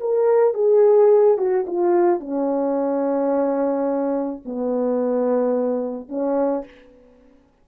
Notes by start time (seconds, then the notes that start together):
0.00 A#4
0.54 G#4
1.38 F#4
1.67 F4
2.20 C#4
4.45 B3
6.09 C#4